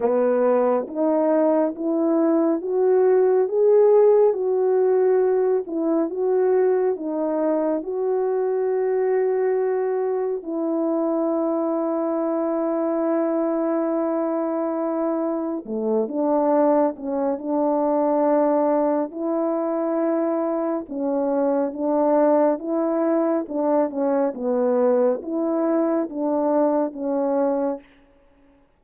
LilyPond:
\new Staff \with { instrumentName = "horn" } { \time 4/4 \tempo 4 = 69 b4 dis'4 e'4 fis'4 | gis'4 fis'4. e'8 fis'4 | dis'4 fis'2. | e'1~ |
e'2 a8 d'4 cis'8 | d'2 e'2 | cis'4 d'4 e'4 d'8 cis'8 | b4 e'4 d'4 cis'4 | }